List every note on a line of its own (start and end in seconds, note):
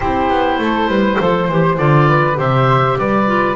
0.00 0.29 C4
0.00 1.18 E4
0.00 0.59 G4
0.00 1.76 C5
0.29 0.58 B3
0.58 0.87 A3
0.58 0.88 A4
0.87 1.17 G3
0.87 1.18 B4
1.18 1.48 F3
1.18 1.48 A4
1.18 2.08 C5
1.48 1.78 E3
1.48 1.77 G4
1.77 2.37 D3
1.77 2.34 F4
1.77 2.37 D5
2.08 2.37 B4
2.34 2.96 C3
2.34 3.23 G4
2.34 2.97 C5
2.34 2.99 E5
2.98 3.55 G3
2.98 3.55 B4
2.98 3.55 D5
3.26 3.55 F4